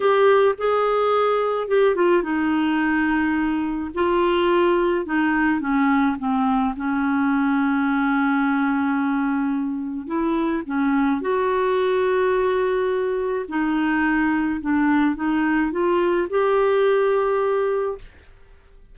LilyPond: \new Staff \with { instrumentName = "clarinet" } { \time 4/4 \tempo 4 = 107 g'4 gis'2 g'8 f'8 | dis'2. f'4~ | f'4 dis'4 cis'4 c'4 | cis'1~ |
cis'2 e'4 cis'4 | fis'1 | dis'2 d'4 dis'4 | f'4 g'2. | }